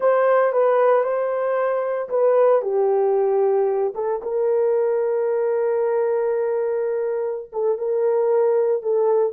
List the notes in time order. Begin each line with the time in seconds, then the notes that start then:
0.00 C5
0.52 B4
1.03 C5
2.09 B4
2.61 G4
3.94 A4
4.22 A#4
7.52 A4
7.78 A#4
8.82 A4